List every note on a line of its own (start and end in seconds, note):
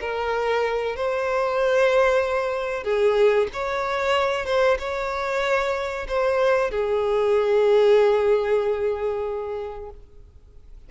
0.00 0.96 A#4
0.96 2.83 C5
2.83 3.47 G#4
3.53 4.46 C#5
4.46 4.78 C5
4.79 6.06 C#5
6.08 6.71 C5
6.71 9.90 G#4